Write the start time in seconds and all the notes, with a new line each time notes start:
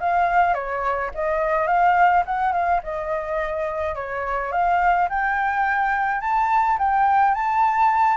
0.00 F5
0.54 C#5
1.14 D#5
1.67 F5
2.26 F#5
2.53 F5
2.83 D#5
3.95 C#5
4.52 F5
5.09 G5
6.21 A5
6.79 G5
7.35 A5